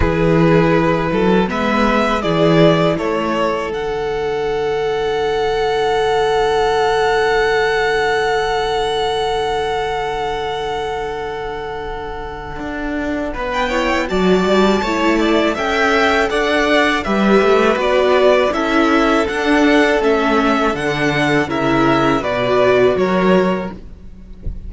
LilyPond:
<<
  \new Staff \with { instrumentName = "violin" } { \time 4/4 \tempo 4 = 81 b'2 e''4 d''4 | cis''4 fis''2.~ | fis''1~ | fis''1~ |
fis''2~ fis''16 g''8. a''4~ | a''4 g''4 fis''4 e''4 | d''4 e''4 fis''4 e''4 | fis''4 e''4 d''4 cis''4 | }
  \new Staff \with { instrumentName = "violin" } { \time 4/4 gis'4. a'8 b'4 gis'4 | a'1~ | a'1~ | a'1~ |
a'2 b'8 cis''8 d''4 | cis''8 d''8 e''4 d''4 b'4~ | b'4 a'2.~ | a'4 ais'4 b'4 ais'4 | }
  \new Staff \with { instrumentName = "viola" } { \time 4/4 e'2 b4 e'4~ | e'4 d'2.~ | d'1~ | d'1~ |
d'2~ d'8 e'8 fis'4 | e'4 a'2 g'4 | fis'4 e'4 d'4 cis'4 | d'4 e'4 fis'2 | }
  \new Staff \with { instrumentName = "cello" } { \time 4/4 e4. fis8 gis4 e4 | a4 d2.~ | d1~ | d1~ |
d4 d'4 b4 fis8 g8 | a4 cis'4 d'4 g8 a8 | b4 cis'4 d'4 a4 | d4 cis4 b,4 fis4 | }
>>